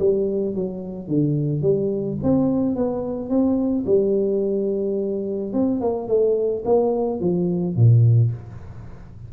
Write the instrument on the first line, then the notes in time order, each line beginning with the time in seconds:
tuba
0.00 G3
0.55 F#3
1.08 D3
1.62 G3
2.23 C4
2.76 B3
3.30 C4
3.87 G3
5.54 C4
5.81 A#3
6.08 A3
6.65 A#3
7.21 F3
7.76 A#2